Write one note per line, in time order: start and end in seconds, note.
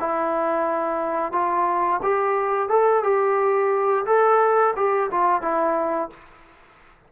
0.00 1.32 E4
1.32 2.01 F4
2.02 2.69 G4
2.69 3.03 A4
3.03 4.05 G4
4.06 4.74 A4
4.76 5.10 G4
5.11 5.42 F4
5.42 6.10 E4